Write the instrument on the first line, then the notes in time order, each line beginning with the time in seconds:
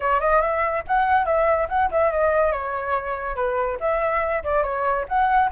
flute
0.00 C#5
0.20 D#5
0.41 E5
0.87 F#5
1.25 E5
1.68 F#5
1.91 E5
2.11 D#5
2.52 C#5
3.35 B4
3.80 E5
4.43 D5
4.63 C#5
5.08 F#5